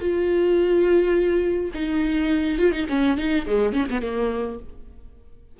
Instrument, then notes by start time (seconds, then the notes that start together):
viola
0.00 F4
1.74 D#4
2.58 F4
2.72 D#4
2.89 C#4
3.17 D#4
3.46 G#3
3.73 C#4
3.90 B3
4.02 A#3